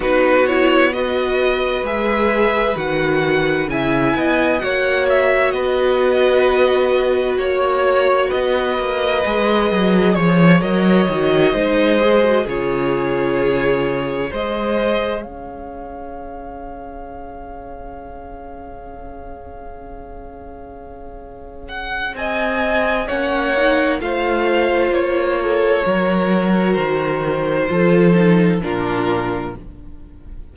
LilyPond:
<<
  \new Staff \with { instrumentName = "violin" } { \time 4/4 \tempo 4 = 65 b'8 cis''8 dis''4 e''4 fis''4 | gis''4 fis''8 e''8 dis''2 | cis''4 dis''2 cis''8 dis''8~ | dis''4. cis''2 dis''8~ |
dis''8 f''2.~ f''8~ | f''2.~ f''8 fis''8 | gis''4 fis''4 f''4 cis''4~ | cis''4 c''2 ais'4 | }
  \new Staff \with { instrumentName = "violin" } { \time 4/4 fis'4 b'2. | e''8 dis''8 cis''4 b'2 | cis''4 b'2 cis''4~ | cis''8 c''4 gis'2 c''8~ |
c''8 cis''2.~ cis''8~ | cis''1 | dis''4 cis''4 c''4. a'8 | ais'2 a'4 f'4 | }
  \new Staff \with { instrumentName = "viola" } { \time 4/4 dis'8 e'8 fis'4 gis'4 fis'4 | e'4 fis'2.~ | fis'2 gis'4. ais'8 | fis'8 dis'8 gis'16 fis'16 f'2 gis'8~ |
gis'1~ | gis'1~ | gis'4 cis'8 dis'8 f'2 | fis'2 f'8 dis'8 d'4 | }
  \new Staff \with { instrumentName = "cello" } { \time 4/4 b2 gis4 dis4 | cis8 b8 ais4 b2 | ais4 b8 ais8 gis8 fis8 f8 fis8 | dis8 gis4 cis2 gis8~ |
gis8 cis'2.~ cis'8~ | cis'1 | c'4 ais4 a4 ais4 | fis4 dis4 f4 ais,4 | }
>>